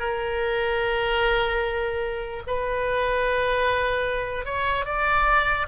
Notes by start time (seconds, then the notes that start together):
0.00 A#4
2.47 B4
4.46 C#5
4.86 D5